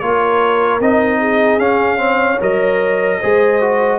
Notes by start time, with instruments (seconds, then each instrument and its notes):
0.00 tuba A#3, trombone F4, horn A#4, trumpet C#5
0.81 tuba C4, trombone D#4, trumpet D#5
1.20 horn G#4
1.59 tuba C#4, trombone C#4, trumpet F5
1.98 trombone C4, horn C#5
2.41 tuba F#3, trombone A#4, trumpet D#5
3.20 tuba G#3, trombone G#4, horn C5
3.61 trombone F#4